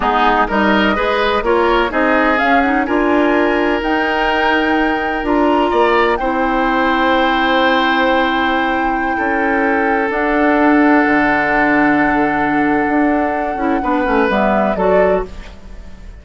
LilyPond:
<<
  \new Staff \with { instrumentName = "flute" } { \time 4/4 \tempo 4 = 126 gis'4 dis''2 cis''4 | dis''4 f''8 fis''8 gis''2 | g''2. ais''4~ | ais''4 g''2.~ |
g''1~ | g''4~ g''16 fis''2~ fis''8.~ | fis''1~ | fis''2 e''4 d''4 | }
  \new Staff \with { instrumentName = "oboe" } { \time 4/4 dis'4 ais'4 b'4 ais'4 | gis'2 ais'2~ | ais'1 | d''4 c''2.~ |
c''2.~ c''16 a'8.~ | a'1~ | a'1~ | a'4 b'2 a'4 | }
  \new Staff \with { instrumentName = "clarinet" } { \time 4/4 b4 dis'4 gis'4 f'4 | dis'4 cis'8 dis'8 f'2 | dis'2. f'4~ | f'4 e'2.~ |
e'1~ | e'4~ e'16 d'2~ d'8.~ | d'1~ | d'8 e'8 d'8 cis'8 b4 fis'4 | }
  \new Staff \with { instrumentName = "bassoon" } { \time 4/4 gis4 g4 gis4 ais4 | c'4 cis'4 d'2 | dis'2. d'4 | ais4 c'2.~ |
c'2.~ c'16 cis'8.~ | cis'4~ cis'16 d'2 d8.~ | d2. d'4~ | d'8 cis'8 b8 a8 g4 fis4 | }
>>